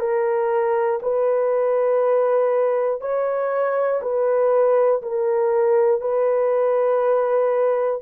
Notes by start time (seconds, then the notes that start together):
0.00 A#4
1.02 B4
3.01 C#5
4.01 B4
5.02 A#4
6.01 B4